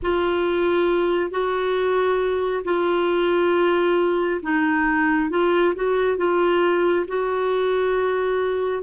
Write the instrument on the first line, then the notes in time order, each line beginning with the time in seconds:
clarinet
0.02 F4
1.30 F#4
2.64 F4
4.42 D#4
5.29 F4
5.75 F#4
6.17 F4
7.07 F#4